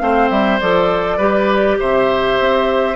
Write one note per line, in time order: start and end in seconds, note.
0.00 0.31 A3
0.00 0.60 C4
0.00 1.18 C5
0.00 0.30 F5
0.30 0.60 G3
0.30 0.60 E5
0.61 1.18 F3
0.61 1.20 A4
0.61 1.79 D5
1.18 1.78 G3
1.18 2.96 G4
1.18 1.77 B4
1.79 2.40 C3
1.79 2.96 C5
1.79 2.96 E5
2.40 2.96 C4